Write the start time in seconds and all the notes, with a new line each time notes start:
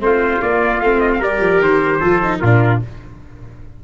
0.00 A3 C4 F4 C5
0.42 A#3 D5
0.80 A3 C4 F5
1.00 D#5
1.14 A#4 F5
1.20 G3 G4 D5
1.40 F3
1.60 D#3 C5
2.00 F3 F4 A4
2.22 D#4
2.39 A#2 D4 F4 A#4